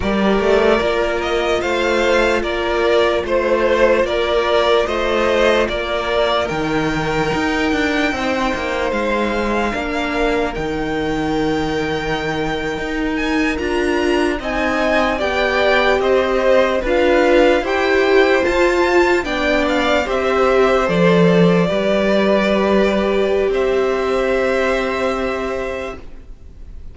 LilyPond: <<
  \new Staff \with { instrumentName = "violin" } { \time 4/4 \tempo 4 = 74 d''4. dis''8 f''4 d''4 | c''4 d''4 dis''4 d''4 | g''2. f''4~ | f''4 g''2.~ |
g''16 gis''8 ais''4 gis''4 g''4 dis''16~ | dis''8. f''4 g''4 a''4 g''16~ | g''16 f''8 e''4 d''2~ d''16~ | d''4 e''2. | }
  \new Staff \with { instrumentName = "violin" } { \time 4/4 ais'2 c''4 ais'4 | c''4 ais'4 c''4 ais'4~ | ais'2 c''2 | ais'1~ |
ais'4.~ ais'16 dis''4 d''4 c''16~ | c''8. b'4 c''2 d''16~ | d''8. c''2 b'4~ b'16~ | b'4 c''2. | }
  \new Staff \with { instrumentName = "viola" } { \time 4/4 g'4 f'2.~ | f'1 | dis'1 | d'4 dis'2.~ |
dis'8. f'4 dis'4 g'4~ g'16~ | g'8. f'4 g'4 f'4 d'16~ | d'8. g'4 a'4 g'4~ g'16~ | g'1 | }
  \new Staff \with { instrumentName = "cello" } { \time 4/4 g8 a8 ais4 a4 ais4 | a4 ais4 a4 ais4 | dis4 dis'8 d'8 c'8 ais8 gis4 | ais4 dis2~ dis8. dis'16~ |
dis'8. d'4 c'4 b4 c'16~ | c'8. d'4 e'4 f'4 b16~ | b8. c'4 f4 g4~ g16~ | g4 c'2. | }
>>